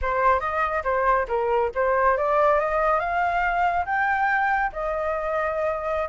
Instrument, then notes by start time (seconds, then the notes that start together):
flute
0.01 C5
0.40 D#5
0.84 C5
1.28 A#4
1.75 C5
2.17 D5
2.59 D#5
2.99 F5
3.85 G5
4.72 D#5